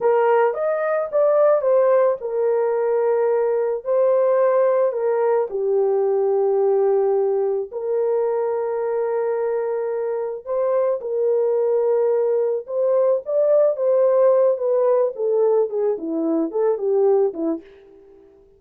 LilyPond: \new Staff \with { instrumentName = "horn" } { \time 4/4 \tempo 4 = 109 ais'4 dis''4 d''4 c''4 | ais'2. c''4~ | c''4 ais'4 g'2~ | g'2 ais'2~ |
ais'2. c''4 | ais'2. c''4 | d''4 c''4. b'4 a'8~ | a'8 gis'8 e'4 a'8 g'4 e'8 | }